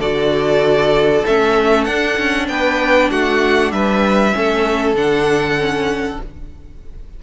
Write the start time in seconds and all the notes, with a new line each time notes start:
0.00 D3 F#4 A4 D5
1.27 A3 C#4 E5
1.85 D4 F#5
2.19 C#4
2.49 B3 B4 G5
3.11 A3 F#4 F#5
3.72 G3 B4 E5
4.33 A3 C#4 A4
4.94 D3 D4 F#5
5.58 C#4